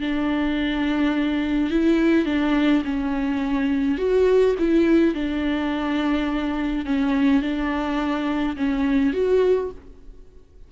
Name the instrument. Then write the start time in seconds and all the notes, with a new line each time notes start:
viola
0.00 D4
1.70 E4
2.25 D4
2.84 C#4
3.98 F#4
4.58 E4
5.14 D4
6.85 C#4
7.42 D4
8.56 C#4
9.13 F#4